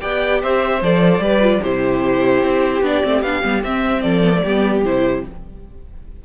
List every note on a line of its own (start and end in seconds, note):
0.00 0.43 B3
0.00 0.81 G4
0.00 0.42 D5
0.00 0.41 G5
0.42 0.81 C4
0.42 1.23 C5
0.42 0.83 E5
0.81 1.19 F3
0.81 1.21 A4
0.81 1.62 D5
1.19 1.59 G3
1.19 1.41 G4
1.19 1.61 B4
1.41 1.61 F4
1.61 2.42 C3
1.61 2.83 E4
1.61 4.02 G4
1.61 2.83 C5
2.42 2.82 C4
2.82 3.02 B3
2.82 3.03 D4
2.82 3.22 D5
3.03 3.22 A3
3.03 3.23 C4
3.22 3.42 B3
3.22 3.42 D4
3.22 3.62 F5
3.42 3.63 G3
3.42 3.62 B3
3.63 4.03 C4
3.63 4.24 C4
3.63 4.01 E5
4.01 4.44 F3
4.01 4.42 A4
4.01 4.82 D5
4.24 4.32 B3
4.32 4.42 A3
4.43 4.84 G3
4.43 4.84 B3
4.43 5.23 G4
4.84 5.25 C3
4.84 5.25 E4
4.84 5.25 C5